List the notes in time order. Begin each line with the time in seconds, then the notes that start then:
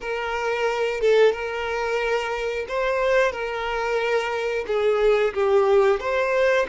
0.00 A#4
1.00 A4
1.32 A#4
2.68 C5
3.32 A#4
4.67 G#4
5.34 G4
5.99 C5